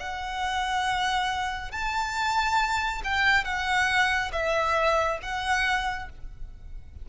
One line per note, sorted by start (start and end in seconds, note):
0.00 1.72 F#5
1.72 3.03 A5
3.05 3.45 G5
3.45 4.32 F#5
4.33 5.20 E5
5.23 6.10 F#5